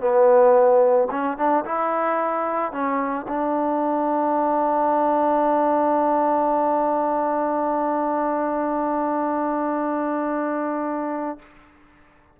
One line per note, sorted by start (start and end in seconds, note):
0.00 1.08 B3
1.11 1.37 C#4
1.37 1.64 D4
1.65 2.72 E4
2.72 3.26 C#4
3.28 11.38 D4